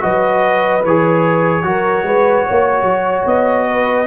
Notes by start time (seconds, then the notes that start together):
0.00 F#3 F#4 B4 D#5
0.83 E3 G#4 C#5
1.63 F#3 F#4 A#4
2.03 G#3 B4
2.46 A#3 C#5
2.82 F#3
3.26 B3 D#5
3.68 B4